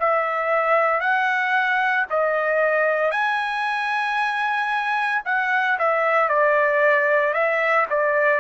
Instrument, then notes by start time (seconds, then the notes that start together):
trumpet
0.00 E5
1.00 F#5
2.10 D#5
3.11 G#5
5.25 F#5
5.78 E5
6.29 D5
7.33 E5
7.89 D5